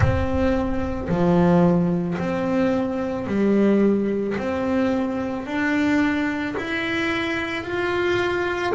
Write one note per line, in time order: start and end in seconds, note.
0.00 1.08 C4
1.08 2.17 F3
2.18 3.26 C4
3.26 4.35 G3
4.37 5.46 C4
5.46 6.55 D4
6.57 7.63 E4
7.63 8.72 F4